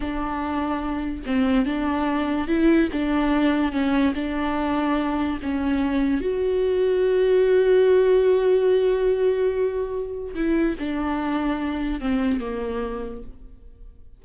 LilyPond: \new Staff \with { instrumentName = "viola" } { \time 4/4 \tempo 4 = 145 d'2. c'4 | d'2 e'4 d'4~ | d'4 cis'4 d'2~ | d'4 cis'2 fis'4~ |
fis'1~ | fis'1~ | fis'4 e'4 d'2~ | d'4 c'4 ais2 | }